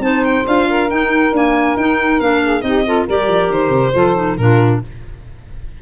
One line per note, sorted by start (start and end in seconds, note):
0.00 0.43 C4
0.00 0.45 D#4
0.00 0.69 C5
0.00 0.24 A5
0.25 0.46 G5
0.47 0.91 D4
0.47 0.90 F4
0.47 0.91 F5
0.69 2.43 A#4
0.91 1.34 D#4
0.91 1.32 D#4
0.91 1.34 G5
1.32 1.77 A#3
1.32 1.76 D4
1.32 1.77 G#5
1.77 2.20 D#4
1.77 2.21 D#4
1.77 2.20 G5
2.20 2.63 A#3
2.20 2.62 D4
2.20 2.62 F5
2.43 2.64 G#4
2.62 3.07 C4
2.62 2.83 D#4
2.62 2.86 G4
2.62 3.05 D#5
2.86 3.09 F4
2.86 3.06 A4
3.06 3.28 G3
3.06 3.94 G4
3.06 3.93 A#4
3.06 3.52 D5
3.28 3.50 F3
3.50 3.70 D#3
3.50 4.37 C5
3.70 3.91 C3
3.94 4.38 F3
3.94 4.15 F4
3.94 4.38 A4
4.15 4.37 D#4
4.37 4.82 A#2
4.37 4.83 D4
4.37 4.83 F4
4.37 4.81 A#4